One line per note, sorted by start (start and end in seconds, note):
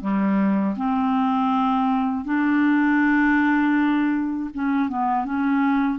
0.00 0.75 G3
0.76 2.25 C4
2.25 4.50 D4
4.54 4.88 C#4
4.88 5.25 B3
5.25 5.99 C#4